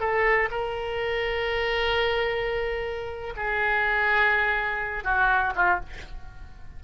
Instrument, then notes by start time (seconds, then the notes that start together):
oboe
0.00 A4
0.51 A#4
3.36 G#4
5.04 F#4
5.56 F4